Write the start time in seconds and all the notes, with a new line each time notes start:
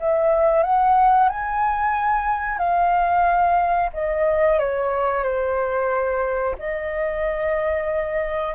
0.00 E5
0.64 F#5
1.29 G#5
2.58 F5
3.94 D#5
4.59 C#5
5.24 C5
6.59 D#5